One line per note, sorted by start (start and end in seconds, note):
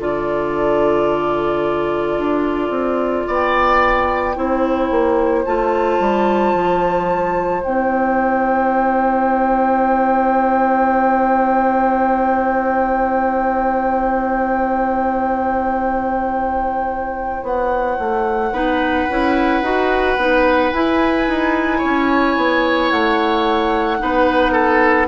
0.00 2.18 D3
0.00 4.36 F4
0.00 3.27 A4
0.00 3.28 D5
2.18 2.70 D4
2.70 3.25 C4
3.27 4.37 B3
3.27 4.37 D5
3.27 5.45 G5
4.36 4.91 C4
4.36 5.45 E4
4.36 18.54 C5
4.91 5.46 A#3
5.45 6.00 A3
5.45 7.61 F4
5.45 7.63 A5
6.00 6.55 G3
6.55 7.64 F3
7.61 17.43 C4
7.61 18.52 E4
7.61 17.46 G5
17.43 17.97 B3
17.43 20.73 F#5
17.99 18.52 A3
18.52 19.07 B3
18.52 19.08 D#4
18.52 21.79 B4
19.10 19.62 C#4
19.10 19.64 E4
19.62 20.17 D#4
19.62 20.18 F#4
20.17 20.72 B3
20.17 20.73 D#4
20.73 23.99 E4
20.73 21.28 E4
20.73 22.91 G#5
21.28 21.83 D#4
21.79 22.37 C#4
21.79 23.97 C#5
22.37 22.92 B3
22.91 24.01 A3
22.91 25.08 F#5
23.99 25.08 B3
23.99 25.08 D#4
23.99 24.53 B4
24.53 25.07 A4